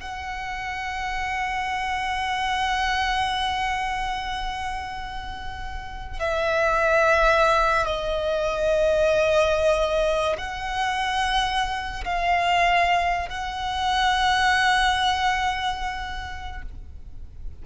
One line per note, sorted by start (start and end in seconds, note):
0.00 6.19 F#5
6.19 7.86 E5
7.86 10.36 D#5
10.37 12.04 F#5
12.05 13.29 F5
13.29 16.62 F#5